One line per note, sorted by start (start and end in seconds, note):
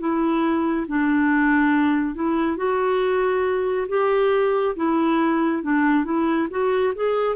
0.00 0.87 E4
0.88 2.15 D4
2.15 2.57 E4
2.57 3.87 F#4
3.89 4.76 G4
4.76 5.63 E4
5.63 6.05 D4
6.05 6.48 E4
6.51 6.94 F#4
6.96 7.36 G#4